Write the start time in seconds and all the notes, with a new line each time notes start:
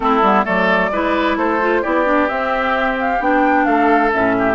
0.00 A3 C4 E4 A4
0.21 G3 B3
0.44 F#3 A3 A4 D5
0.90 G#3 E4 B4
1.36 A3 A4 C5
1.61 F4
1.81 B3 E4 G4 D5
2.05 D4
2.28 C4 E5
3.00 F5
3.19 B3 D4 G5
3.65 A3 A4 F5
4.12 A2 C#4 E5
4.38 G4